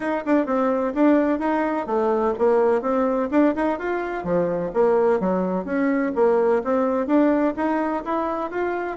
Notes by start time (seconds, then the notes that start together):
0.00 D#4
0.25 D4
0.46 C4
0.94 D4
1.39 D#4
1.86 A3
2.38 A#3
2.81 C4
3.30 D4
3.55 D#4
3.78 F4
4.24 F3
4.73 A#3
5.20 F#3
5.64 C#4
6.15 A#3
6.64 C4
7.07 D4
7.56 D#4
8.04 E4
8.51 F4